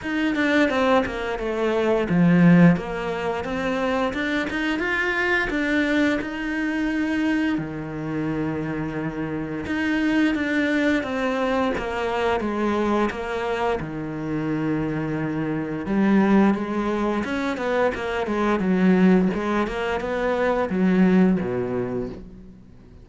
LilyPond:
\new Staff \with { instrumentName = "cello" } { \time 4/4 \tempo 4 = 87 dis'8 d'8 c'8 ais8 a4 f4 | ais4 c'4 d'8 dis'8 f'4 | d'4 dis'2 dis4~ | dis2 dis'4 d'4 |
c'4 ais4 gis4 ais4 | dis2. g4 | gis4 cis'8 b8 ais8 gis8 fis4 | gis8 ais8 b4 fis4 b,4 | }